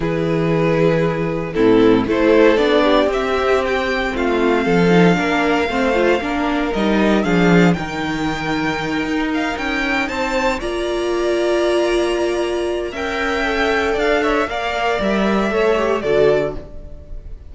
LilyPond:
<<
  \new Staff \with { instrumentName = "violin" } { \time 4/4 \tempo 4 = 116 b'2. a'4 | c''4 d''4 e''4 g''4 | f''1~ | f''4 dis''4 f''4 g''4~ |
g''2 f''8 g''4 a''8~ | a''8 ais''2.~ ais''8~ | ais''4 g''2 f''8 e''8 | f''4 e''2 d''4 | }
  \new Staff \with { instrumentName = "violin" } { \time 4/4 gis'2. e'4 | a'4. g'2~ g'8 | f'4 a'4 ais'4 c''4 | ais'2 gis'4 ais'4~ |
ais'2.~ ais'8 c''8~ | c''8 d''2.~ d''8~ | d''4 e''2 d''8 cis''8 | d''2 cis''4 a'4 | }
  \new Staff \with { instrumentName = "viola" } { \time 4/4 e'2. c'4 | e'4 d'4 c'2~ | c'4. dis'8 d'4 c'8 f'8 | d'4 dis'4 d'4 dis'4~ |
dis'1~ | dis'8 f'2.~ f'8~ | f'4 ais'4 a'2 | ais'2 a'8 g'8 fis'4 | }
  \new Staff \with { instrumentName = "cello" } { \time 4/4 e2. a,4 | a4 b4 c'2 | a4 f4 ais4 a4 | ais4 g4 f4 dis4~ |
dis4. dis'4 cis'4 c'8~ | c'8 ais2.~ ais8~ | ais4 cis'2 d'4 | ais4 g4 a4 d4 | }
>>